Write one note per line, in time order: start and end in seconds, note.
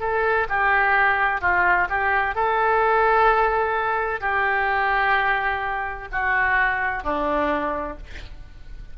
0.00 0.47 A4
0.49 1.41 G4
1.41 1.88 F4
1.90 2.35 G4
2.35 4.21 A4
4.21 6.08 G4
6.12 7.04 F#4
7.04 7.97 D4